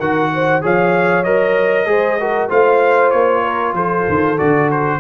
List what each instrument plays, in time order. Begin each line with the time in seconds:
0.00 tuba D#3, trombone F#4, horn A#4, trumpet F#5
0.35 horn C5
0.62 tuba F3, trombone G#4, horn C#5, trumpet F5
1.24 tuba F#3, trombone A#4, trumpet D#5
1.86 tuba G#3, trombone G#4, horn C5
2.20 trombone F#4, horn A#4
2.50 tuba A3, trombone F4, horn C5, trumpet F5
3.11 tuba A#3, trumpet C#5
3.43 horn A#4
3.74 tuba F3, horn A4, trumpet C5
4.09 tuba D#3
4.38 tuba D3, trombone F#4, trumpet D5
4.72 trumpet C5